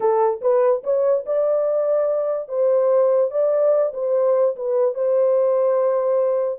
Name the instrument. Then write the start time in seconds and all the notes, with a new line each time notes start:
horn
0.00 A4
0.41 B4
0.83 C#5
1.25 D5
2.48 C5
3.30 D5
3.93 C5
4.55 B4
4.94 C5